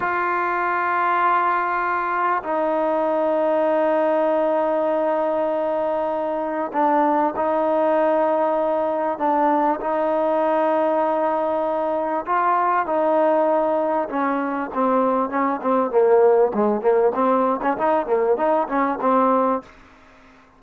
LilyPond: \new Staff \with { instrumentName = "trombone" } { \time 4/4 \tempo 4 = 98 f'1 | dis'1~ | dis'2. d'4 | dis'2. d'4 |
dis'1 | f'4 dis'2 cis'4 | c'4 cis'8 c'8 ais4 gis8 ais8 | c'8. cis'16 dis'8 ais8 dis'8 cis'8 c'4 | }